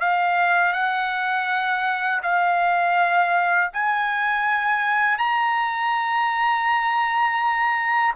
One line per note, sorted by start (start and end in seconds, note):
0.00 0.73 F5
0.73 2.21 F#5
2.23 3.71 F5
3.73 5.18 G#5
5.18 8.14 A#5